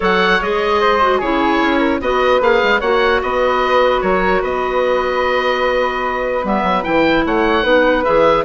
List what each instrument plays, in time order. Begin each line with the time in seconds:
0.00 bassoon F#3, clarinet A4, flute C#5, oboe F#5
0.41 bassoon G#3, clarinet G#4, oboe D#5
0.80 flute C5
1.01 clarinet F#4
1.17 bassoon C#3, clarinet E4, flute G#4, oboe C#5
1.60 bassoon C#4
1.78 flute A#4
2.00 bassoon B3, clarinet F#4, flute B4, oboe D#5
2.40 bassoon A#3, clarinet G#4, oboe F5
2.63 bassoon G#3
2.80 bassoon A#3, clarinet F#4, flute C#5, oboe F#5
3.22 bassoon B3, flute B4, oboe D#5
4.01 bassoon F#3, flute A#4, oboe C#5
4.41 bassoon B3, flute B4, oboe D#5
6.43 bassoon G3, clarinet B3, oboe E5
6.62 bassoon F#3
6.83 bassoon E3, clarinet E4, oboe G5
7.25 bassoon A3, flute C#5, oboe F#5
7.63 bassoon B3, clarinet D#4, flute B4
8.04 bassoon E3, clarinet G#4, oboe E5